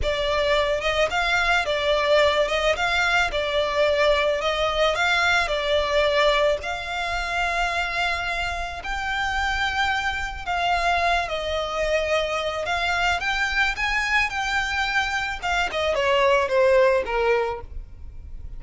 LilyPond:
\new Staff \with { instrumentName = "violin" } { \time 4/4 \tempo 4 = 109 d''4. dis''8 f''4 d''4~ | d''8 dis''8 f''4 d''2 | dis''4 f''4 d''2 | f''1 |
g''2. f''4~ | f''8 dis''2~ dis''8 f''4 | g''4 gis''4 g''2 | f''8 dis''8 cis''4 c''4 ais'4 | }